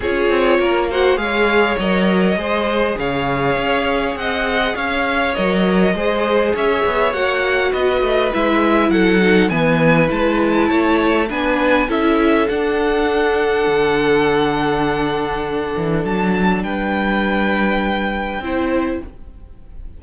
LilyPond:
<<
  \new Staff \with { instrumentName = "violin" } { \time 4/4 \tempo 4 = 101 cis''4. fis''8 f''4 dis''4~ | dis''4 f''2 fis''4 | f''4 dis''2 e''4 | fis''4 dis''4 e''4 fis''4 |
gis''4 a''2 gis''4 | e''4 fis''2.~ | fis''2. a''4 | g''1 | }
  \new Staff \with { instrumentName = "violin" } { \time 4/4 gis'4 ais'8 c''8 cis''2 | c''4 cis''2 dis''4 | cis''2 c''4 cis''4~ | cis''4 b'2 a'4 |
b'2 cis''4 b'4 | a'1~ | a'1 | b'2. c''4 | }
  \new Staff \with { instrumentName = "viola" } { \time 4/4 f'4. fis'8 gis'4 ais'4 | gis'1~ | gis'4 ais'4 gis'2 | fis'2 e'4. dis'8 |
b4 e'2 d'4 | e'4 d'2.~ | d'1~ | d'2. e'4 | }
  \new Staff \with { instrumentName = "cello" } { \time 4/4 cis'8 c'8 ais4 gis4 fis4 | gis4 cis4 cis'4 c'4 | cis'4 fis4 gis4 cis'8 b8 | ais4 b8 a8 gis4 fis4 |
e4 gis4 a4 b4 | cis'4 d'2 d4~ | d2~ d8 e8 fis4 | g2. c'4 | }
>>